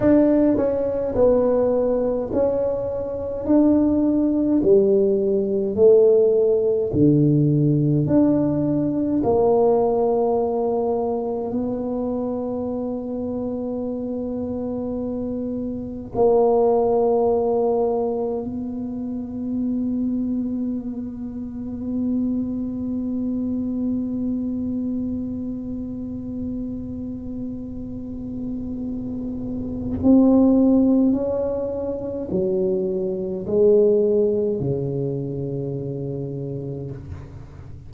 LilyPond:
\new Staff \with { instrumentName = "tuba" } { \time 4/4 \tempo 4 = 52 d'8 cis'8 b4 cis'4 d'4 | g4 a4 d4 d'4 | ais2 b2~ | b2 ais2 |
b1~ | b1~ | b2 c'4 cis'4 | fis4 gis4 cis2 | }